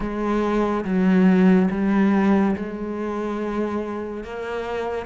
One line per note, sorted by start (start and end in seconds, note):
0.00 0.84 G#3
0.85 1.69 F#3
1.71 2.55 G3
2.55 4.24 G#3
4.24 5.06 A#3